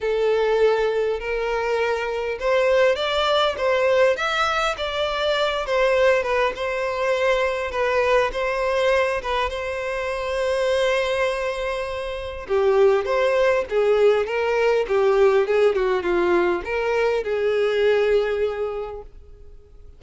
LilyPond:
\new Staff \with { instrumentName = "violin" } { \time 4/4 \tempo 4 = 101 a'2 ais'2 | c''4 d''4 c''4 e''4 | d''4. c''4 b'8 c''4~ | c''4 b'4 c''4. b'8 |
c''1~ | c''4 g'4 c''4 gis'4 | ais'4 g'4 gis'8 fis'8 f'4 | ais'4 gis'2. | }